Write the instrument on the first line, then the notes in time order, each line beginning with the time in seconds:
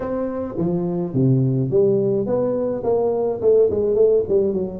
tuba
0.00 C4
0.57 F3
1.13 C3
1.70 G3
2.26 B3
2.83 A#3
3.41 A3
3.70 G#3
3.95 A3
4.28 G3
4.53 F#3